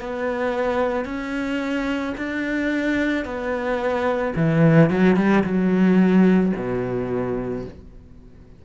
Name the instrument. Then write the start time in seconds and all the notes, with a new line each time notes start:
cello
0.00 B3
1.05 C#4
2.17 D4
3.25 B3
4.35 E3
4.90 F#3
5.16 G3
5.43 F#3
6.56 B2